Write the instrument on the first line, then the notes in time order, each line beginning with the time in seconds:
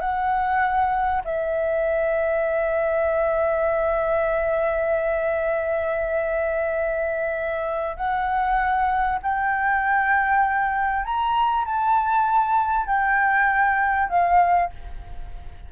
flute
0.00 F#5
1.24 E5
7.96 F#5
9.23 G5
11.05 A#5
11.65 A5
12.86 G5
14.09 F5